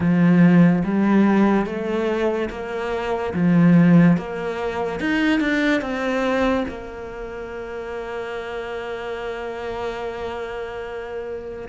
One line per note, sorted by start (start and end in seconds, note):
0.00 0.82 F3
0.84 1.66 G3
1.66 2.49 A3
2.50 3.33 A#3
3.33 4.17 F3
4.17 5.00 A#3
5.00 5.39 D#4
5.39 5.81 D4
5.81 6.64 C4
6.68 11.68 A#3